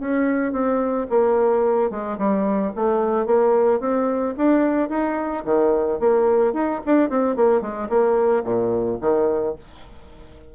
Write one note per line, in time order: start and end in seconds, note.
0.00 0.52 C#4
0.52 1.07 C4
1.10 1.90 A#3
1.90 2.17 G#3
2.18 2.72 G3
2.76 3.26 A3
3.26 3.80 A#3
3.80 4.35 C4
4.37 4.89 D4
4.89 5.44 D#4
5.45 5.99 D#3
5.99 6.53 A#3
6.53 6.80 D#4
6.86 7.10 D4
7.10 7.36 C4
7.36 7.61 A#3
7.61 7.88 G#3
7.89 8.43 A#3
8.44 8.99 A#2
9.01 9.55 D#3